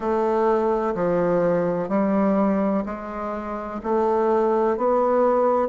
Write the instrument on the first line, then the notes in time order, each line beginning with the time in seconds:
bassoon
0.00 A3
0.94 F3
1.88 G3
2.85 G#3
3.83 A3
4.77 B3